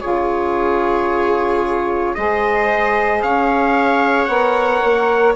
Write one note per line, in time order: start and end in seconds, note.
0.00 2.16 C#3
0.00 2.15 F4
0.00 2.14 G#4
0.00 2.14 C#5
2.14 3.22 G#3
2.14 4.27 G#4
2.14 3.24 C5
2.14 3.21 D#5
3.22 4.27 C#4
3.22 5.35 C#5
3.22 4.25 F5
4.25 4.80 B3
4.25 5.34 A#4
4.25 5.32 F#5
4.83 5.35 A#3